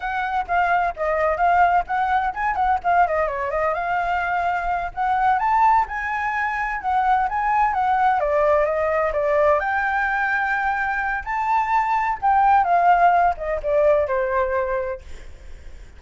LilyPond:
\new Staff \with { instrumentName = "flute" } { \time 4/4 \tempo 4 = 128 fis''4 f''4 dis''4 f''4 | fis''4 gis''8 fis''8 f''8 dis''8 cis''8 dis''8 | f''2~ f''8 fis''4 a''8~ | a''8 gis''2 fis''4 gis''8~ |
gis''8 fis''4 d''4 dis''4 d''8~ | d''8 g''2.~ g''8 | a''2 g''4 f''4~ | f''8 dis''8 d''4 c''2 | }